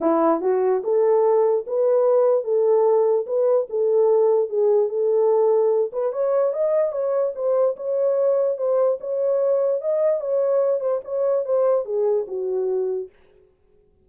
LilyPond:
\new Staff \with { instrumentName = "horn" } { \time 4/4 \tempo 4 = 147 e'4 fis'4 a'2 | b'2 a'2 | b'4 a'2 gis'4 | a'2~ a'8 b'8 cis''4 |
dis''4 cis''4 c''4 cis''4~ | cis''4 c''4 cis''2 | dis''4 cis''4. c''8 cis''4 | c''4 gis'4 fis'2 | }